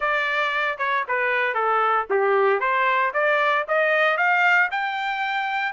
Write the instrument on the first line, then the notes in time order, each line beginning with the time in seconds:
trumpet
0.00 D5
0.78 C#5
1.07 B4
1.54 A4
2.09 G4
2.59 C5
3.13 D5
3.68 D#5
4.17 F5
4.71 G5